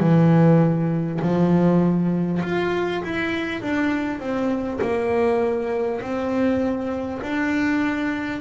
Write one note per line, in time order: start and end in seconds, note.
0.00 1.20 E3
1.22 2.42 F3
2.43 3.03 F4
3.03 3.62 E4
3.62 4.20 D4
4.20 4.80 C4
4.82 6.02 A#3
6.02 7.22 C4
7.22 8.41 D4